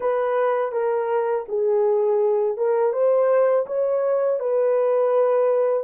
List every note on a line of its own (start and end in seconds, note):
0.00 0.72 B4
0.72 1.45 A#4
1.48 2.57 G#4
2.57 2.93 A#4
2.93 3.66 C5
3.66 4.39 C#5
4.39 5.83 B4